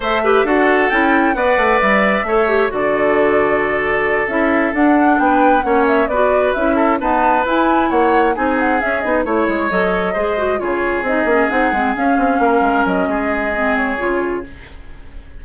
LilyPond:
<<
  \new Staff \with { instrumentName = "flute" } { \time 4/4 \tempo 4 = 133 e''4 fis''4 g''4 fis''4 | e''2 d''2~ | d''4. e''4 fis''4 g''8~ | g''8 fis''8 e''8 d''4 e''4 a''8~ |
a''8 gis''4 fis''4 gis''8 fis''8 e''8 | dis''8 cis''4 dis''2 cis''8~ | cis''8 dis''4 fis''4 f''4.~ | f''8 dis''2 cis''4. | }
  \new Staff \with { instrumentName = "oboe" } { \time 4/4 c''8 b'8 a'2 d''4~ | d''4 cis''4 a'2~ | a'2.~ a'8 b'8~ | b'8 cis''4 b'4. a'8 b'8~ |
b'4. cis''4 gis'4.~ | gis'8 cis''2 c''4 gis'8~ | gis'2.~ gis'8 ais'8~ | ais'4 gis'2. | }
  \new Staff \with { instrumentName = "clarinet" } { \time 4/4 a'8 g'8 fis'4 e'4 b'4~ | b'4 a'8 g'8 fis'2~ | fis'4. e'4 d'4.~ | d'8 cis'4 fis'4 e'4 b8~ |
b8 e'2 dis'4 cis'8 | dis'8 e'4 a'4 gis'8 fis'8 f'8~ | f'8 dis'8 cis'8 dis'8 c'8 cis'4.~ | cis'2 c'4 f'4 | }
  \new Staff \with { instrumentName = "bassoon" } { \time 4/4 a4 d'4 cis'4 b8 a8 | g4 a4 d2~ | d4. cis'4 d'4 b8~ | b8 ais4 b4 cis'4 dis'8~ |
dis'8 e'4 ais4 c'4 cis'8 | b8 a8 gis8 fis4 gis4 cis8~ | cis8 c'8 ais8 c'8 gis8 cis'8 c'8 ais8 | gis8 fis8 gis2 cis4 | }
>>